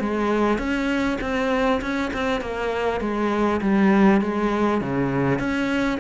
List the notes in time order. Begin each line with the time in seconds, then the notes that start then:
0.00 G#3
0.58 C#4
1.21 C4
1.81 C#4
2.14 C4
2.41 A#3
3.01 G#3
3.61 G3
4.21 G#3
4.81 C#3
5.39 C#4